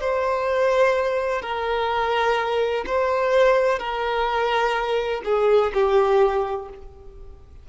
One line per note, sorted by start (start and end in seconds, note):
0.00 1.41 C5
1.41 2.84 A#4
2.86 3.79 C5
3.79 5.22 A#4
5.24 5.72 G#4
5.74 6.69 G4